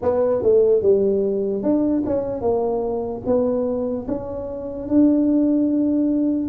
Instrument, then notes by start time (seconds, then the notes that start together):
tuba
0.02 B3
0.42 A3
0.82 G3
1.62 D4
2.06 C#4
2.41 A#3
3.25 B3
4.07 C#4
4.88 D4